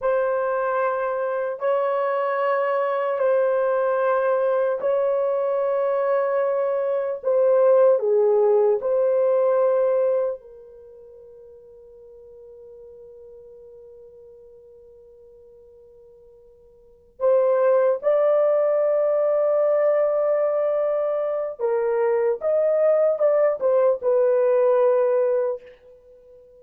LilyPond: \new Staff \with { instrumentName = "horn" } { \time 4/4 \tempo 4 = 75 c''2 cis''2 | c''2 cis''2~ | cis''4 c''4 gis'4 c''4~ | c''4 ais'2.~ |
ais'1~ | ais'4. c''4 d''4.~ | d''2. ais'4 | dis''4 d''8 c''8 b'2 | }